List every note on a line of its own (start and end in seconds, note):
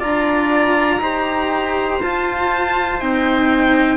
0.00 0.99 D4
0.00 1.00 F4
0.00 1.00 D5
0.00 2.02 A#5
0.99 1.99 D#4
0.99 2.01 G4
0.99 3.97 C5
2.02 3.01 F4
2.02 3.00 F4
2.02 3.01 A5
3.00 3.97 C4
3.00 3.97 D#4
3.00 3.97 G5